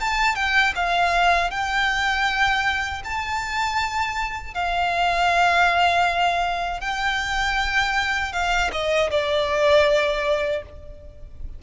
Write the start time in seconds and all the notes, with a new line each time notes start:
0.00 A5
0.35 G5
0.75 F5
1.51 G5
3.04 A5
4.54 F5
6.80 G5
8.32 F5
8.72 D#5
9.10 D5